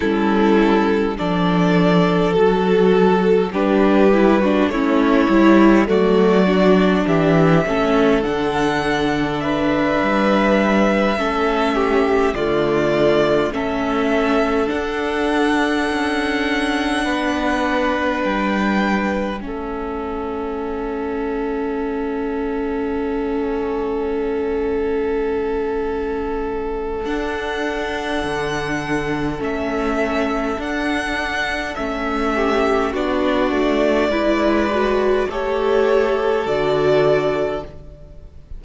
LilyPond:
<<
  \new Staff \with { instrumentName = "violin" } { \time 4/4 \tempo 4 = 51 a'4 d''4 a'4 b'4 | cis''4 d''4 e''4 fis''4 | e''2~ e''8 d''4 e''8~ | e''8 fis''2. g''8~ |
g''8 e''2.~ e''8~ | e''2. fis''4~ | fis''4 e''4 fis''4 e''4 | d''2 cis''4 d''4 | }
  \new Staff \with { instrumentName = "violin" } { \time 4/4 e'4 a'2 g'8. fis'16 | e'4 fis'4 g'8 a'4. | b'4. a'8 g'8 f'4 a'8~ | a'2~ a'8 b'4.~ |
b'8 a'2.~ a'8~ | a'1~ | a'2.~ a'8 g'8 | fis'4 b'4 a'2 | }
  \new Staff \with { instrumentName = "viola" } { \time 4/4 cis'4 d'4 fis'4 d'8 e'16 d'16 | cis'8 e'8 a8 d'4 cis'8 d'4~ | d'4. cis'4 a4 cis'8~ | cis'8 d'2.~ d'8~ |
d'8 cis'2.~ cis'8~ | cis'2. d'4~ | d'4 cis'4 d'4 cis'4 | d'4 e'8 fis'8 g'4 fis'4 | }
  \new Staff \with { instrumentName = "cello" } { \time 4/4 g4 f4 fis4 g4 | a8 g8 fis4 e8 a8 d4~ | d8 g4 a4 d4 a8~ | a8 d'4 cis'4 b4 g8~ |
g8 a2.~ a8~ | a2. d'4 | d4 a4 d'4 a4 | b8 a8 gis4 a4 d4 | }
>>